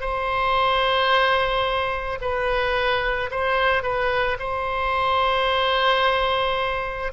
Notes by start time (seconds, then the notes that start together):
0.00 C5
2.21 B4
3.30 C5
3.82 B4
4.39 C5